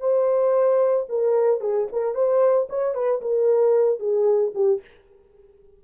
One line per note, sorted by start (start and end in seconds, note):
0.00 1.06 C5
1.09 1.61 A#4
1.61 1.87 G#4
1.92 2.15 A#4
2.15 2.68 C5
2.70 2.95 C#5
2.95 3.21 B4
3.21 3.99 A#4
3.99 4.52 G#4
4.54 4.81 G4